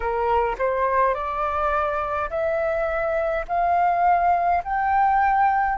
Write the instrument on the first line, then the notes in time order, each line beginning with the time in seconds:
flute
0.00 A#4
0.58 C5
1.14 D5
2.30 E5
3.48 F5
4.64 G5